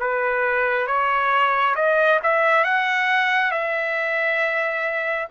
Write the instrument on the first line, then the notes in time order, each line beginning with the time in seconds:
trumpet
0.00 B4
0.87 C#5
1.76 D#5
2.23 E5
2.64 F#5
3.51 E5